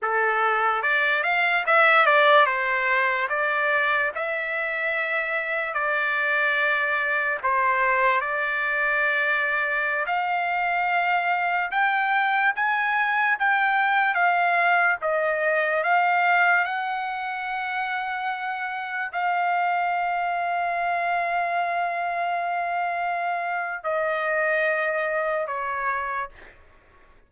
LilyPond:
\new Staff \with { instrumentName = "trumpet" } { \time 4/4 \tempo 4 = 73 a'4 d''8 f''8 e''8 d''8 c''4 | d''4 e''2 d''4~ | d''4 c''4 d''2~ | d''16 f''2 g''4 gis''8.~ |
gis''16 g''4 f''4 dis''4 f''8.~ | f''16 fis''2. f''8.~ | f''1~ | f''4 dis''2 cis''4 | }